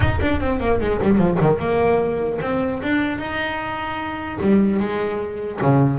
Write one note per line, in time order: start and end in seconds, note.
0.00 0.19 D#4
0.21 0.40 D4
0.40 0.59 C4
0.59 0.79 A#3
0.80 1.00 G#3
1.02 1.18 G3
1.18 1.38 F3
1.40 1.59 D#3
1.59 2.39 A#3
2.41 2.81 C4
2.82 3.18 D4
3.18 4.38 D#4
4.40 4.79 G3
4.79 5.59 G#3
5.61 5.98 C#3